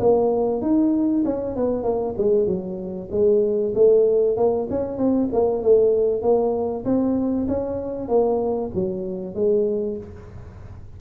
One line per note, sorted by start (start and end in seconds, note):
0.00 0.62 A#3
0.62 1.25 D#4
1.25 1.57 C#4
1.57 1.84 B3
1.84 2.15 A#3
2.18 2.47 G#3
2.47 3.10 F#3
3.11 3.74 G#3
3.75 4.37 A3
4.37 4.68 A#3
4.70 4.98 C#4
4.98 5.29 C4
5.33 5.63 A#3
5.63 6.22 A3
6.22 6.85 A#3
6.85 7.48 C4
7.49 8.09 C#4
8.09 8.71 A#3
8.75 9.35 F#3
9.35 9.98 G#3